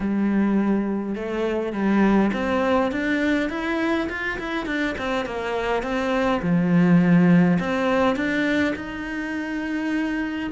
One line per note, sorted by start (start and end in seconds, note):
0.00 1.15 G3
1.15 1.72 A3
1.72 2.31 G3
2.33 2.91 C4
2.91 3.49 D4
3.49 4.08 E4
4.09 4.38 F4
4.38 4.66 E4
4.66 4.95 D4
4.98 5.25 C4
5.25 5.82 A#3
5.82 6.41 C4
6.42 7.58 F3
7.59 8.16 C4
8.16 8.74 D4
8.75 10.50 D#4